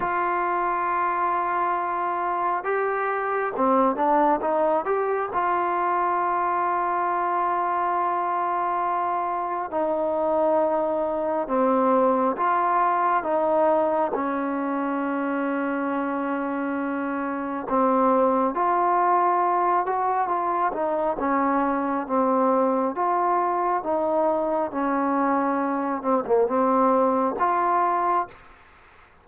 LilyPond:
\new Staff \with { instrumentName = "trombone" } { \time 4/4 \tempo 4 = 68 f'2. g'4 | c'8 d'8 dis'8 g'8 f'2~ | f'2. dis'4~ | dis'4 c'4 f'4 dis'4 |
cis'1 | c'4 f'4. fis'8 f'8 dis'8 | cis'4 c'4 f'4 dis'4 | cis'4. c'16 ais16 c'4 f'4 | }